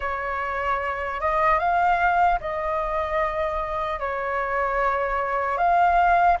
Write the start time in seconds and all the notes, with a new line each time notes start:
0.00 C#5
1.20 D#5
1.59 F5
2.40 D#5
3.99 C#5
5.57 F5